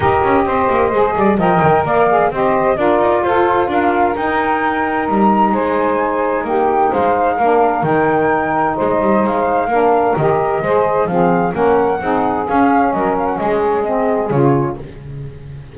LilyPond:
<<
  \new Staff \with { instrumentName = "flute" } { \time 4/4 \tempo 4 = 130 dis''2. g''4 | f''4 dis''4 d''4 c''4 | f''4 g''2 ais''4 | gis''2 g''4 f''4~ |
f''4 g''2 dis''4 | f''2 dis''2 | f''4 fis''2 f''4 | dis''8 f''16 fis''16 dis''8 cis''8 dis''4 cis''4 | }
  \new Staff \with { instrumentName = "saxophone" } { \time 4/4 ais'4 c''4. d''8 dis''4 | d''4 c''4 ais'4 a'4 | ais'1 | c''2 g'4 c''4 |
ais'2. c''4~ | c''4 ais'2 c''4 | gis'4 ais'4 gis'2 | ais'4 gis'2. | }
  \new Staff \with { instrumentName = "saxophone" } { \time 4/4 g'2 gis'4 ais'4~ | ais'8 gis'8 g'4 f'2~ | f'4 dis'2.~ | dis'1 |
d'4 dis'2.~ | dis'4 d'4 g'4 gis'4 | c'4 cis'4 dis'4 cis'4~ | cis'2 c'4 f'4 | }
  \new Staff \with { instrumentName = "double bass" } { \time 4/4 dis'8 cis'8 c'8 ais8 gis8 g8 f8 dis8 | ais4 c'4 d'8 dis'8 f'4 | d'4 dis'2 g4 | gis2 ais4 gis4 |
ais4 dis2 gis8 g8 | gis4 ais4 dis4 gis4 | f4 ais4 c'4 cis'4 | fis4 gis2 cis4 | }
>>